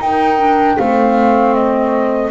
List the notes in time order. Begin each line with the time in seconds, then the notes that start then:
0.00 D#4 A#4 G5
0.39 D4
0.78 A3 C4 C5 F5
1.55 D#5